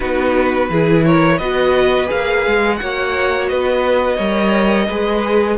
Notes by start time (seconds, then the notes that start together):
0.00 B3 D#4 F#4 B4
0.69 E3 E4 G#4
1.05 A#4 C#5
1.37 B3 F#4 B4 D#5
2.06 A#3 G#4 F5
2.46 G#3
2.76 A#3 F#4 C#5 F#5
3.48 B3 B4 D#5
4.16 G3 A#4 C#5
4.87 G#3 G#4 B4